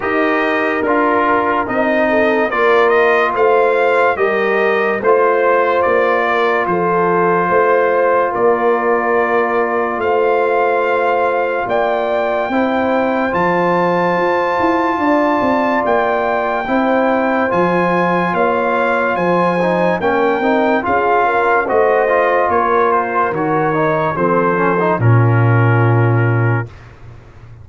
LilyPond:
<<
  \new Staff \with { instrumentName = "trumpet" } { \time 4/4 \tempo 4 = 72 dis''4 ais'4 dis''4 d''8 dis''8 | f''4 dis''4 c''4 d''4 | c''2 d''2 | f''2 g''2 |
a''2. g''4~ | g''4 gis''4 f''4 gis''4 | g''4 f''4 dis''4 cis''8 c''8 | cis''4 c''4 ais'2 | }
  \new Staff \with { instrumentName = "horn" } { \time 4/4 ais'2~ ais'8 a'8 ais'4 | c''4 ais'4 c''4. ais'8 | a'4 c''4 ais'2 | c''2 d''4 c''4~ |
c''2 d''2 | c''2 cis''4 c''4 | ais'4 gis'8 ais'8 c''4 ais'4~ | ais'4 a'4 f'2 | }
  \new Staff \with { instrumentName = "trombone" } { \time 4/4 g'4 f'4 dis'4 f'4~ | f'4 g'4 f'2~ | f'1~ | f'2. e'4 |
f'1 | e'4 f'2~ f'8 dis'8 | cis'8 dis'8 f'4 fis'8 f'4. | fis'8 dis'8 c'8 cis'16 dis'16 cis'2 | }
  \new Staff \with { instrumentName = "tuba" } { \time 4/4 dis'4 d'4 c'4 ais4 | a4 g4 a4 ais4 | f4 a4 ais2 | a2 ais4 c'4 |
f4 f'8 e'8 d'8 c'8 ais4 | c'4 f4 ais4 f4 | ais8 c'8 cis'4 a4 ais4 | dis4 f4 ais,2 | }
>>